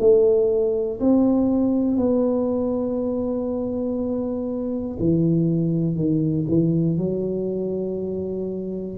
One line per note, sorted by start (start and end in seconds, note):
0.00 1.00 A3
1.00 1.97 C4
1.97 4.97 B3
4.99 5.96 E3
5.96 6.46 D#3
6.49 6.98 E3
6.98 8.98 F#3